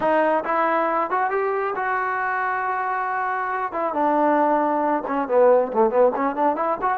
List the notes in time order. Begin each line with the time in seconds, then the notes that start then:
0.00 D#4
0.44 E4
1.10 F#4
1.30 G4
1.75 F#4
3.72 E4
3.93 D4
5.07 C#4
5.28 B3
5.73 A3
5.90 B3
6.15 C#4
6.35 D4
6.56 E4
6.81 F#4